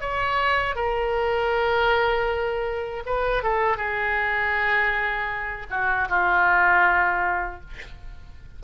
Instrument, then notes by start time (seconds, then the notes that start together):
oboe
0.00 C#5
0.75 A#4
3.06 B4
3.43 A4
3.77 G#4
5.70 F#4
6.09 F4